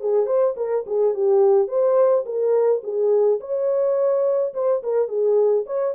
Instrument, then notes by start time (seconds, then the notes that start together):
horn
0.00 G#4
0.26 C5
0.56 A#4
0.86 G#4
1.14 G4
1.68 C5
2.25 A#4
2.83 G#4
3.40 C#5
4.54 C5
4.83 A#4
5.08 G#4
5.66 C#5